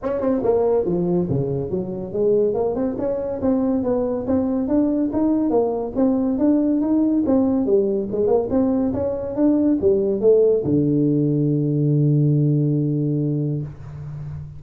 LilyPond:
\new Staff \with { instrumentName = "tuba" } { \time 4/4 \tempo 4 = 141 cis'8 c'8 ais4 f4 cis4 | fis4 gis4 ais8 c'8 cis'4 | c'4 b4 c'4 d'4 | dis'4 ais4 c'4 d'4 |
dis'4 c'4 g4 gis8 ais8 | c'4 cis'4 d'4 g4 | a4 d2.~ | d1 | }